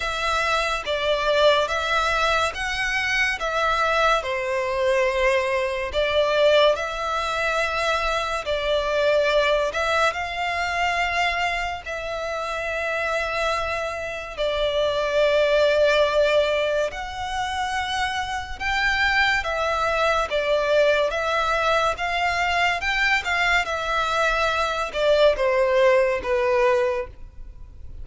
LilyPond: \new Staff \with { instrumentName = "violin" } { \time 4/4 \tempo 4 = 71 e''4 d''4 e''4 fis''4 | e''4 c''2 d''4 | e''2 d''4. e''8 | f''2 e''2~ |
e''4 d''2. | fis''2 g''4 e''4 | d''4 e''4 f''4 g''8 f''8 | e''4. d''8 c''4 b'4 | }